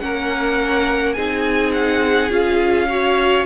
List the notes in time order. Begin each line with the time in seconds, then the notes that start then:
0.00 A#3 C#4 A#4 F#5
1.13 C4 D#4 G#4 G#5
1.73 F#5
2.30 C#4 F4 F5
2.89 F#4 C#5